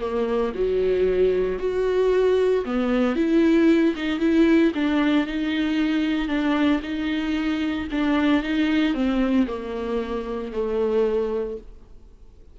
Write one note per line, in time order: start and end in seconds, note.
0.00 0.53 A#3
0.55 1.59 F#3
1.59 2.64 F#4
2.65 3.16 B3
3.16 3.95 E4
3.96 4.20 D#4
4.20 4.72 E4
4.75 5.27 D4
5.27 6.28 D#4
6.28 6.81 D4
6.83 7.88 D#4
7.92 8.43 D4
8.43 8.94 D#4
8.94 9.47 C4
9.47 10.52 A#3
10.52 11.57 A3